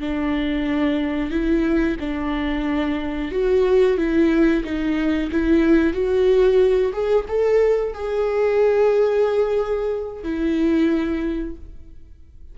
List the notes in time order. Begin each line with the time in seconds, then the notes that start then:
0.00 D4
1.31 E4
2.00 D4
3.31 F#4
3.98 E4
4.64 D#4
5.31 E4
5.93 F#4
6.93 G#4
7.28 A4
7.94 G#4
10.23 E4